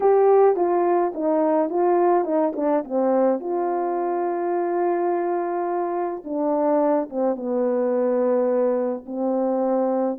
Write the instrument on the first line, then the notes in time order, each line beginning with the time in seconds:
horn
0.00 G4
0.56 F4
1.14 D#4
1.69 F4
2.24 D#4
2.55 D4
2.84 C4
3.40 F4
6.24 D4
7.09 C4
7.35 B3
9.05 C4